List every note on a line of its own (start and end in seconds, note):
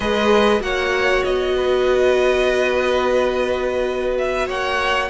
0.00 0.60 G#3
0.00 0.60 G#4
0.00 0.62 B4
0.00 0.61 D#5
0.60 1.22 A#3
0.60 5.09 F#4
0.60 1.56 C#5
0.60 1.24 F#5
1.24 4.48 B3
1.24 4.17 D#5
1.56 4.47 B4
4.18 4.48 E5
4.47 5.10 A#3
4.47 5.08 C#5
4.47 5.10 F#5